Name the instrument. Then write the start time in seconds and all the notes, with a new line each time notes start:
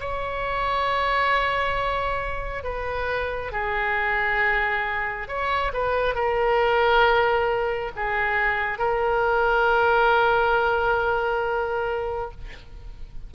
oboe
0.00 C#5
2.64 B4
3.52 G#4
5.28 C#5
5.73 B4
6.15 A#4
7.96 G#4
8.78 A#4